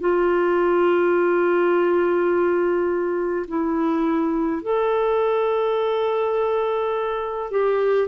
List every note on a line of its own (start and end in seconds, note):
0.00 3.46 F4
3.48 4.63 E4
4.63 7.51 A4
7.51 8.08 G4